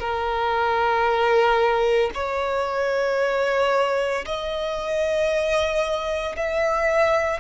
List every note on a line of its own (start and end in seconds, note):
0.00 2.11 A#4
2.15 4.25 C#5
4.26 6.36 D#5
6.37 7.41 E5